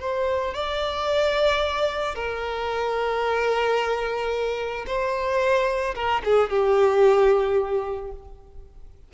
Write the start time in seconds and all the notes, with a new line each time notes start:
0.00 C5
0.54 D5
2.15 A#4
4.87 C5
5.95 A#4
6.25 G#4
6.50 G4